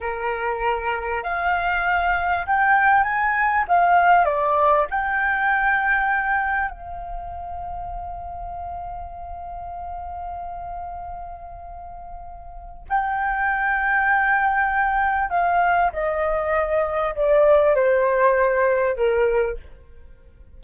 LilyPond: \new Staff \with { instrumentName = "flute" } { \time 4/4 \tempo 4 = 98 ais'2 f''2 | g''4 gis''4 f''4 d''4 | g''2. f''4~ | f''1~ |
f''1~ | f''4 g''2.~ | g''4 f''4 dis''2 | d''4 c''2 ais'4 | }